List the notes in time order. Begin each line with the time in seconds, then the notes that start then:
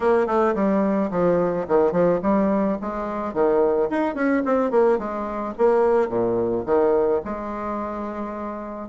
0.00 A#3
0.26 A3
0.54 G3
1.11 F3
1.68 D#3
1.92 F3
2.22 G3
2.81 G#3
3.33 D#3
3.90 D#4
4.14 C#4
4.45 C4
4.70 A#3
4.98 G#3
5.58 A#3
6.08 A#2
6.65 D#3
7.24 G#3